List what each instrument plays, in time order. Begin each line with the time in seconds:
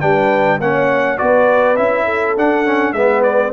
0.00 tuba G3, trombone D4, horn B4, trumpet G5
0.59 tuba A#3, trombone C#4, horn C#5, trumpet F#5
1.18 tuba B3, trombone F#4, horn B4, trumpet D5
1.76 tuba C#4, trombone E4, trumpet E5
2.05 horn A4
2.37 trombone D4, tuba D4, trumpet F#5
2.65 trombone C#4
2.92 tuba G#3, trombone B3, horn B4, trumpet E5
3.23 trumpet D5